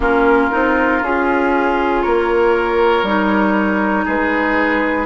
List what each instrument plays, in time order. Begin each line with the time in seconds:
0.00 bassoon A#3, clarinet C#4, oboe F4, flute A#4
0.50 bassoon C4, clarinet D#4
1.01 bassoon C#4, clarinet F4, flute G#4
2.02 bassoon A#3, oboe A#4, flute C#5
3.02 bassoon G3, clarinet D#4
4.04 bassoon G#3, oboe G#4, flute B4